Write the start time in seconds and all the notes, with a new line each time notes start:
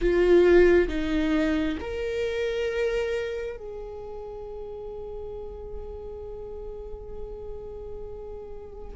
0.01 F4
0.88 D#4
1.80 A#4
3.57 G#4